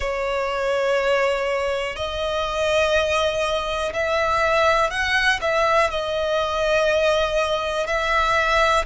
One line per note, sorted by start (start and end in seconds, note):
0.00 1.96 C#5
1.96 3.93 D#5
3.93 4.90 E5
4.90 5.39 F#5
5.41 5.90 E5
5.90 7.86 D#5
7.86 8.85 E5